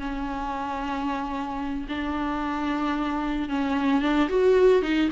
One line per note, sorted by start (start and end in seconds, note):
0.00 1.87 C#4
1.89 3.49 D4
3.49 4.03 C#4
4.03 4.29 D4
4.30 4.83 F#4
4.83 5.09 D#4